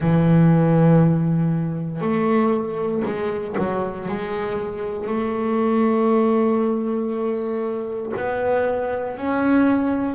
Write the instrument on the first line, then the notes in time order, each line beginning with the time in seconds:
double bass
0.00 E3
2.01 A3
3.05 G#3
3.58 F#3
4.08 G#3
5.07 A3
8.16 B3
9.17 C#4